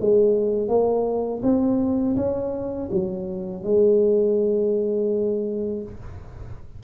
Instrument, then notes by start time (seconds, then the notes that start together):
tuba
0.00 G#3
0.68 A#3
1.43 C4
2.16 C#4
2.91 F#3
3.63 G#3